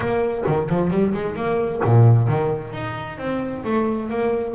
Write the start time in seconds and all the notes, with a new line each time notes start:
0.00 A#3
0.46 D#3
0.69 F3
0.90 G3
1.13 G#3
1.35 A#3
1.84 A#2
2.27 D#3
2.73 D#4
3.18 C4
3.64 A3
4.09 A#3